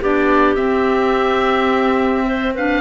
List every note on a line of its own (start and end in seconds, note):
0.00 0.57 B3
0.00 0.57 D4
0.00 2.25 G4
0.00 0.55 D5
0.55 2.55 C4
0.55 2.81 C4
0.55 2.53 E5
2.25 2.53 C5
2.54 2.81 D4
2.54 2.81 B4
2.54 2.81 F5